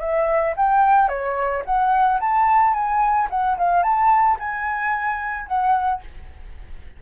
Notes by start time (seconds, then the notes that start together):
0.00 E5
0.56 G5
1.08 C#5
1.65 F#5
2.20 A5
2.73 G#5
3.30 F#5
3.58 F5
3.83 A5
4.39 G#5
5.46 F#5